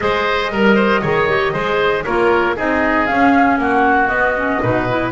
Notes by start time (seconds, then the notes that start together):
0.00 G#3 G#4 C5 D#5
0.51 G3 A#4
0.75 C5
1.01 D#3 G#4 C#5
1.29 G4
1.52 G#3 G#4 C5
2.03 A#3 F4 A#4 C#5
2.56 C4 D#4 G#4 D#5
3.06 C#4 F5
3.57 A#3 F#4 F#5
4.07 B3 D#5
4.35 C#4
4.61 B2 D#4 B4
4.89 E4